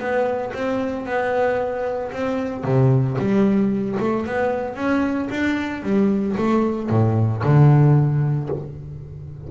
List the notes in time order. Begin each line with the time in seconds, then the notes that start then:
0.00 B3
0.54 C4
1.06 B3
2.13 C4
2.65 C3
3.19 G3
4.00 A3
4.26 B3
4.76 C#4
5.31 D4
5.83 G3
6.38 A3
6.90 A2
7.44 D3